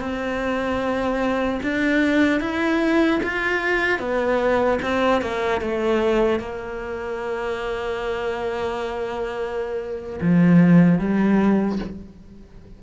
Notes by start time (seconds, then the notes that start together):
0.00 C4
1.63 D4
2.40 E4
3.23 F4
3.99 B3
4.82 C4
5.22 A#3
5.61 A3
6.39 A#3
10.21 F3
10.99 G3